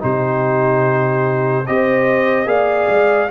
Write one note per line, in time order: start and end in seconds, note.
0.00 1.68 C3
0.00 1.64 D#4
0.00 1.67 G4
0.00 1.67 C5
1.67 2.46 C4
1.67 2.46 G4
1.67 2.48 C5
1.67 2.48 D#5
2.46 2.87 A#3
2.46 3.28 G#4
2.46 3.30 D5
2.46 3.30 F5
2.88 3.29 G#3